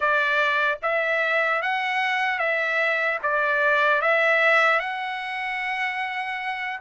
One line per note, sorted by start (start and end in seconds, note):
0.00 0.78 D5
0.82 1.62 E5
1.62 2.39 F#5
2.39 3.19 E5
3.22 4.01 D5
4.01 4.79 E5
4.79 6.79 F#5